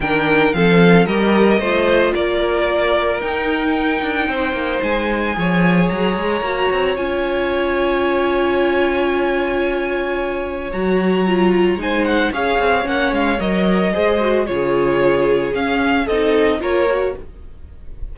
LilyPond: <<
  \new Staff \with { instrumentName = "violin" } { \time 4/4 \tempo 4 = 112 g''4 f''4 dis''2 | d''2 g''2~ | g''4 gis''2 ais''4~ | ais''4 gis''2.~ |
gis''1 | ais''2 gis''8 fis''8 f''4 | fis''8 f''8 dis''2 cis''4~ | cis''4 f''4 dis''4 cis''4 | }
  \new Staff \with { instrumentName = "violin" } { \time 4/4 ais'4 a'4 ais'4 c''4 | ais'1 | c''2 cis''2~ | cis''1~ |
cis''1~ | cis''2 c''4 cis''4~ | cis''2 c''4 gis'4~ | gis'2 a'4 ais'4 | }
  \new Staff \with { instrumentName = "viola" } { \time 4/4 d'4 c'4 g'4 f'4~ | f'2 dis'2~ | dis'2 gis'2 | fis'4 f'2.~ |
f'1 | fis'4 f'4 dis'4 gis'4 | cis'4 ais'4 gis'8 fis'8 f'4~ | f'4 cis'4 dis'4 f'8 fis'8 | }
  \new Staff \with { instrumentName = "cello" } { \time 4/4 dis4 f4 g4 a4 | ais2 dis'4. d'8 | c'8 ais8 gis4 f4 fis8 gis8 | ais8 c'8 cis'2.~ |
cis'1 | fis2 gis4 cis'8 c'8 | ais8 gis8 fis4 gis4 cis4~ | cis4 cis'4 c'4 ais4 | }
>>